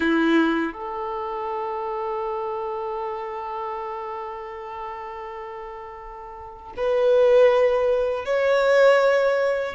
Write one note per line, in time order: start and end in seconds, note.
0.00 0.73 E4
0.73 6.73 A4
6.76 8.25 B4
8.25 9.75 C#5